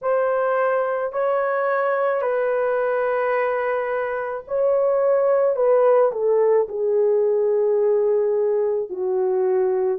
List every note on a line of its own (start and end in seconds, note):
0.01 1.12 C5
1.12 2.21 C#5
2.21 4.43 B4
4.47 5.56 C#5
5.56 6.11 B4
6.12 6.67 A4
6.68 8.89 G#4
8.89 9.98 F#4